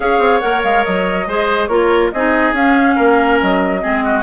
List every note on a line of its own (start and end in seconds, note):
0.00 0.19 C#4
0.00 0.40 G#4
0.00 1.27 C#5
0.00 0.39 F5
0.19 0.40 C4
0.39 0.64 A#3
0.39 1.25 A#4
0.39 0.61 F#5
0.63 0.85 G#3
0.63 0.84 F5
0.84 1.26 F#3
0.84 1.67 D#5
1.26 1.68 G#3
1.26 1.69 G#4
1.26 1.68 C5
1.67 2.11 A#3
1.67 2.12 F4
1.67 2.11 A#4
1.67 2.09 C#5
2.11 2.52 C4
2.11 2.54 D#4
2.11 2.95 G#4
2.11 2.54 D#5
2.52 2.94 C#4
2.52 3.80 C#4
2.52 3.40 F5
2.95 3.41 A#3
2.95 3.80 A#4
3.41 3.84 F#3
3.41 4.23 D#5
3.80 4.23 G#3
3.80 4.23 C4
3.80 4.03 G#4
4.04 4.23 F#4